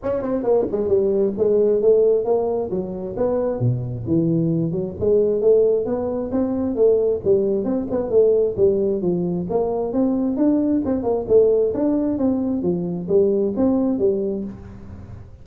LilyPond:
\new Staff \with { instrumentName = "tuba" } { \time 4/4 \tempo 4 = 133 cis'8 c'8 ais8 gis8 g4 gis4 | a4 ais4 fis4 b4 | b,4 e4. fis8 gis4 | a4 b4 c'4 a4 |
g4 c'8 b8 a4 g4 | f4 ais4 c'4 d'4 | c'8 ais8 a4 d'4 c'4 | f4 g4 c'4 g4 | }